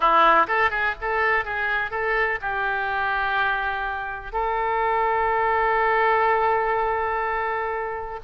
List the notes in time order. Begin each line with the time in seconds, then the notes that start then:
0.00 E4
0.47 A4
0.70 G#4
1.01 A4
1.45 G#4
1.90 A4
2.41 G4
4.32 A4